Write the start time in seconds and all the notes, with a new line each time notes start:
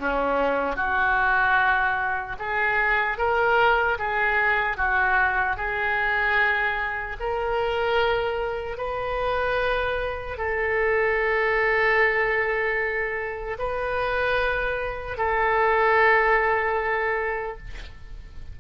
0.00 C#4
0.77 F#4
2.39 G#4
3.18 A#4
3.99 G#4
4.77 F#4
5.57 G#4
7.20 A#4
8.78 B4
10.38 A4
13.59 B4
15.18 A4